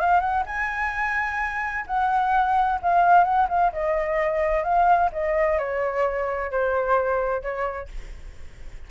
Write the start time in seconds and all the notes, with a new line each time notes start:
0.00 F5
0.20 F#5
0.46 G#5
1.86 F#5
2.82 F5
3.24 F#5
3.49 F5
3.72 D#5
4.64 F5
5.12 D#5
5.59 C#5
6.51 C5
7.42 C#5